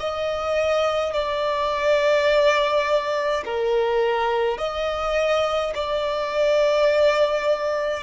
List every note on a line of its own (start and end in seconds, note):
0.00 1.13 D#5
1.13 3.44 D5
3.45 4.58 A#4
4.58 5.73 D#5
5.74 8.03 D5